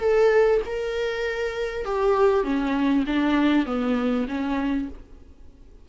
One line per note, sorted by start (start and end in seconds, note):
0.00 0.61 A4
0.66 1.85 A#4
1.85 2.44 G4
2.44 3.05 C#4
3.07 3.66 D4
3.66 4.27 B3
4.28 4.89 C#4